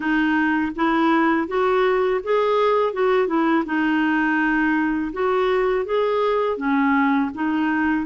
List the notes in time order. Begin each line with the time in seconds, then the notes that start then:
0.00 D#4
0.75 E4
1.47 F#4
2.23 G#4
2.93 F#4
3.27 E4
3.65 D#4
5.12 F#4
5.85 G#4
6.57 C#4
7.34 D#4